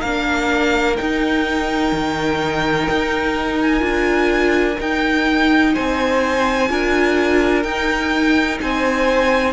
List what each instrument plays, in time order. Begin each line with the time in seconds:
0.00 cello A#3, viola D4, violin A#4 F5
0.96 viola D#4, cello D#4, violin G5
1.92 cello D#3
2.91 cello D#4
3.62 violin G#5
3.79 cello D4, viola F4
4.79 viola D#4, cello D#4, violin G5
5.74 cello C4, violin C5 G#5
6.69 cello D4, viola F4, violin A#4
7.63 cello D#4, viola D#4, violin G5
8.61 cello C4, violin C5 G#5